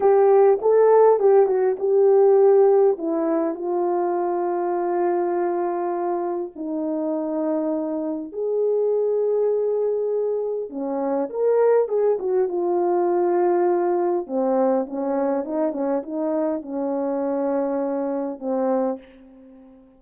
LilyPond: \new Staff \with { instrumentName = "horn" } { \time 4/4 \tempo 4 = 101 g'4 a'4 g'8 fis'8 g'4~ | g'4 e'4 f'2~ | f'2. dis'4~ | dis'2 gis'2~ |
gis'2 cis'4 ais'4 | gis'8 fis'8 f'2. | c'4 cis'4 dis'8 cis'8 dis'4 | cis'2. c'4 | }